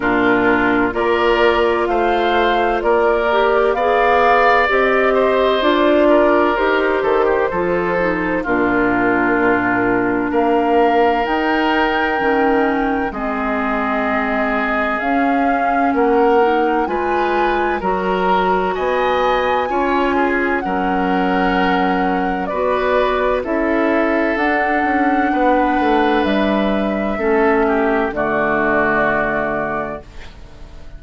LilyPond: <<
  \new Staff \with { instrumentName = "flute" } { \time 4/4 \tempo 4 = 64 ais'4 d''4 f''4 d''4 | f''4 dis''4 d''4 c''4~ | c''4 ais'2 f''4 | g''2 dis''2 |
f''4 fis''4 gis''4 ais''4 | gis''2 fis''2 | d''4 e''4 fis''2 | e''2 d''2 | }
  \new Staff \with { instrumentName = "oboe" } { \time 4/4 f'4 ais'4 c''4 ais'4 | d''4. c''4 ais'4 a'16 g'16 | a'4 f'2 ais'4~ | ais'2 gis'2~ |
gis'4 ais'4 b'4 ais'4 | dis''4 cis''8 gis'8 ais'2 | b'4 a'2 b'4~ | b'4 a'8 g'8 fis'2 | }
  \new Staff \with { instrumentName = "clarinet" } { \time 4/4 d'4 f'2~ f'8 g'8 | gis'4 g'4 f'4 g'4 | f'8 dis'8 d'2. | dis'4 cis'4 c'2 |
cis'4. dis'8 f'4 fis'4~ | fis'4 f'4 cis'2 | fis'4 e'4 d'2~ | d'4 cis'4 a2 | }
  \new Staff \with { instrumentName = "bassoon" } { \time 4/4 ais,4 ais4 a4 ais4 | b4 c'4 d'4 dis'8 dis8 | f4 ais,2 ais4 | dis'4 dis4 gis2 |
cis'4 ais4 gis4 fis4 | b4 cis'4 fis2 | b4 cis'4 d'8 cis'8 b8 a8 | g4 a4 d2 | }
>>